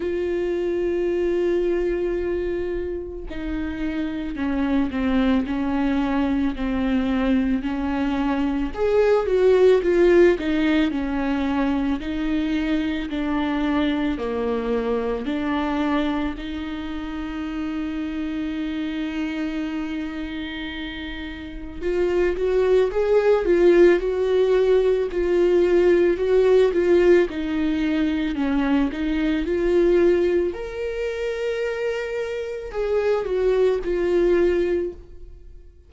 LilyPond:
\new Staff \with { instrumentName = "viola" } { \time 4/4 \tempo 4 = 55 f'2. dis'4 | cis'8 c'8 cis'4 c'4 cis'4 | gis'8 fis'8 f'8 dis'8 cis'4 dis'4 | d'4 ais4 d'4 dis'4~ |
dis'1 | f'8 fis'8 gis'8 f'8 fis'4 f'4 | fis'8 f'8 dis'4 cis'8 dis'8 f'4 | ais'2 gis'8 fis'8 f'4 | }